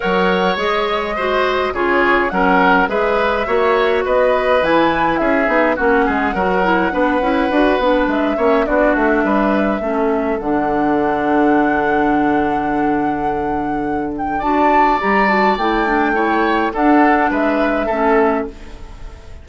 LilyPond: <<
  \new Staff \with { instrumentName = "flute" } { \time 4/4 \tempo 4 = 104 fis''4 dis''2 cis''4 | fis''4 e''2 dis''4 | gis''4 e''4 fis''2~ | fis''2 e''4 d''8 e''8~ |
e''2 fis''2~ | fis''1~ | fis''8 g''8 a''4 ais''8 a''8 g''4~ | g''4 fis''4 e''2 | }
  \new Staff \with { instrumentName = "oboe" } { \time 4/4 cis''2 c''4 gis'4 | ais'4 b'4 cis''4 b'4~ | b'4 gis'4 fis'8 gis'8 ais'4 | b'2~ b'8 cis''8 fis'4 |
b'4 a'2.~ | a'1~ | a'4 d''2. | cis''4 a'4 b'4 a'4 | }
  \new Staff \with { instrumentName = "clarinet" } { \time 4/4 ais'4 gis'4 fis'4 f'4 | cis'4 gis'4 fis'2 | e'4. dis'8 cis'4 fis'8 e'8 | d'8 e'8 fis'8 d'4 cis'8 d'4~ |
d'4 cis'4 d'2~ | d'1~ | d'4 fis'4 g'8 fis'8 e'8 d'8 | e'4 d'2 cis'4 | }
  \new Staff \with { instrumentName = "bassoon" } { \time 4/4 fis4 gis2 cis4 | fis4 gis4 ais4 b4 | e4 cis'8 b8 ais8 gis8 fis4 | b8 cis'8 d'8 b8 gis8 ais8 b8 a8 |
g4 a4 d2~ | d1~ | d4 d'4 g4 a4~ | a4 d'4 gis4 a4 | }
>>